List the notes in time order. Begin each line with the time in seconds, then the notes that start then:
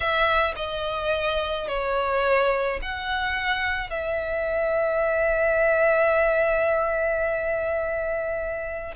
0.00 E5
0.56 D#5
1.67 C#5
2.82 F#5
3.89 E5